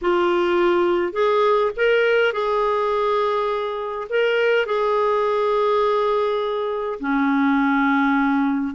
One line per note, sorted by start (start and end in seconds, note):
0.01 1.13 F4
1.13 1.71 G#4
1.76 2.32 A#4
2.32 4.07 G#4
4.09 4.66 A#4
4.66 6.99 G#4
7.00 8.74 C#4